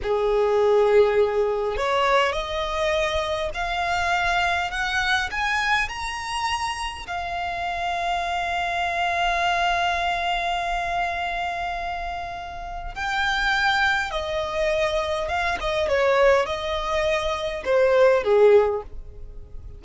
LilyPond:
\new Staff \with { instrumentName = "violin" } { \time 4/4 \tempo 4 = 102 gis'2. cis''4 | dis''2 f''2 | fis''4 gis''4 ais''2 | f''1~ |
f''1~ | f''2 g''2 | dis''2 f''8 dis''8 cis''4 | dis''2 c''4 gis'4 | }